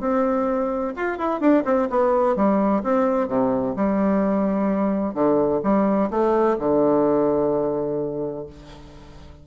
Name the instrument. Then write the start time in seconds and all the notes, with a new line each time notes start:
bassoon
0.00 C4
0.96 F4
1.18 E4
1.40 D4
1.65 C4
1.90 B3
2.36 G3
2.83 C4
3.28 C3
3.76 G3
5.14 D3
5.63 G3
6.11 A3
6.59 D3